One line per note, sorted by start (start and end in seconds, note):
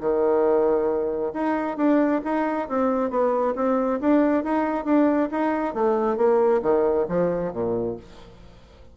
0.00 1.32 D#3
1.33 1.77 D#4
1.77 2.21 D4
2.24 2.68 D#4
2.69 3.10 C4
3.10 3.54 B3
3.56 4.00 C4
4.00 4.44 D4
4.44 4.85 D#4
4.85 5.29 D4
5.31 5.74 D#4
5.74 6.17 A3
6.17 6.61 A#3
6.62 7.06 D#3
7.09 7.52 F3
7.52 7.97 A#2